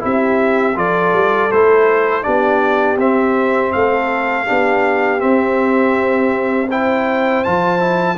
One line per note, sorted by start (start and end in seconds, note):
0.00 0.77 C4
0.00 0.74 E4
0.00 0.77 G4
0.00 0.78 E5
0.76 1.13 F3
0.76 1.50 F4
0.76 2.25 A4
0.76 1.52 D5
1.13 1.50 G3
1.52 2.26 A3
1.52 2.23 E4
1.52 2.24 C5
2.23 2.97 B3
2.23 2.97 D4
2.23 3.73 G4
2.23 2.98 D5
2.97 3.71 C4
2.97 4.46 C4
2.97 3.73 E5
3.73 4.49 A3
3.73 4.47 A4
3.73 5.21 F5
4.46 5.24 B3
4.46 5.19 D4
4.46 6.69 G4
5.19 6.67 C4
5.19 7.46 C4
5.19 6.69 E5
6.70 7.46 E4
6.70 8.18 C5
6.70 7.44 G5
7.44 8.18 F3
7.44 7.79 F4
7.44 8.18 A5
7.79 8.17 E4